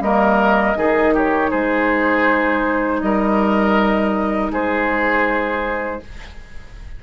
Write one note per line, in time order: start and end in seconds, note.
0.00 0.75 G3
0.00 0.75 A#3
0.00 0.78 A#4
0.00 1.15 D#5
0.75 1.51 D#3
0.75 6.00 D#4
0.75 1.14 G#4
1.14 1.50 G4
1.14 1.51 C#5
1.50 3.02 G#3
1.50 3.00 G#4
1.50 3.01 C5
3.01 4.51 G3
3.01 4.52 A#4
3.01 4.51 D#5
4.51 6.01 G#3
4.51 6.02 G#4
4.51 6.03 C5